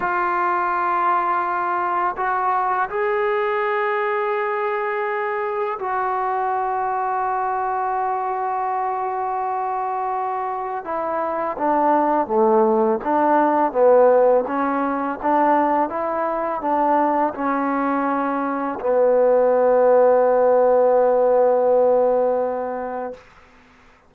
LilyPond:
\new Staff \with { instrumentName = "trombone" } { \time 4/4 \tempo 4 = 83 f'2. fis'4 | gis'1 | fis'1~ | fis'2. e'4 |
d'4 a4 d'4 b4 | cis'4 d'4 e'4 d'4 | cis'2 b2~ | b1 | }